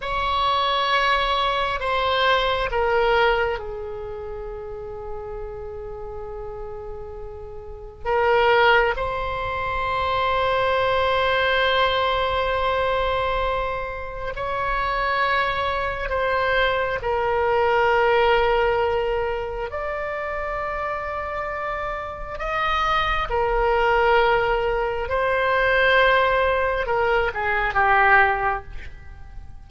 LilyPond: \new Staff \with { instrumentName = "oboe" } { \time 4/4 \tempo 4 = 67 cis''2 c''4 ais'4 | gis'1~ | gis'4 ais'4 c''2~ | c''1 |
cis''2 c''4 ais'4~ | ais'2 d''2~ | d''4 dis''4 ais'2 | c''2 ais'8 gis'8 g'4 | }